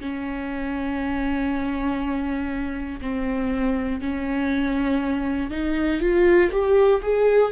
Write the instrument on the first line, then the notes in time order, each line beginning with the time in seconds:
viola
0.00 C#4
3.01 C4
4.01 C#4
5.50 D#4
6.01 F4
6.51 G4
7.02 G#4